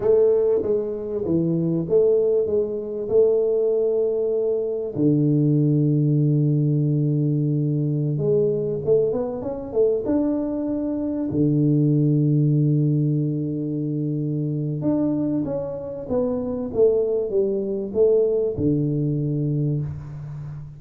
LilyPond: \new Staff \with { instrumentName = "tuba" } { \time 4/4 \tempo 4 = 97 a4 gis4 e4 a4 | gis4 a2. | d1~ | d4~ d16 gis4 a8 b8 cis'8 a16~ |
a16 d'2 d4.~ d16~ | d1 | d'4 cis'4 b4 a4 | g4 a4 d2 | }